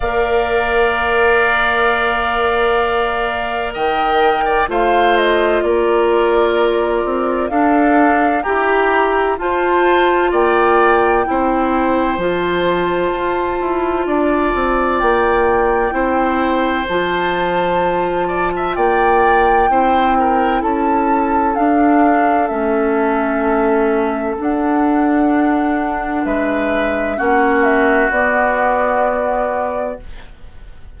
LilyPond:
<<
  \new Staff \with { instrumentName = "flute" } { \time 4/4 \tempo 4 = 64 f''1 | g''4 f''8 dis''8 d''2 | f''4 ais''4 a''4 g''4~ | g''4 a''2. |
g''2 a''2 | g''2 a''4 f''4 | e''2 fis''2 | e''4 fis''8 e''8 d''2 | }
  \new Staff \with { instrumentName = "oboe" } { \time 4/4 d''1 | dis''8. d''16 c''4 ais'2 | a'4 g'4 c''4 d''4 | c''2. d''4~ |
d''4 c''2~ c''8 d''16 e''16 | d''4 c''8 ais'8 a'2~ | a'1 | b'4 fis'2. | }
  \new Staff \with { instrumentName = "clarinet" } { \time 4/4 ais'1~ | ais'4 f'2. | d'4 g'4 f'2 | e'4 f'2.~ |
f'4 e'4 f'2~ | f'4 e'2 d'4 | cis'2 d'2~ | d'4 cis'4 b2 | }
  \new Staff \with { instrumentName = "bassoon" } { \time 4/4 ais1 | dis4 a4 ais4. c'8 | d'4 e'4 f'4 ais4 | c'4 f4 f'8 e'8 d'8 c'8 |
ais4 c'4 f2 | ais4 c'4 cis'4 d'4 | a2 d'2 | gis4 ais4 b2 | }
>>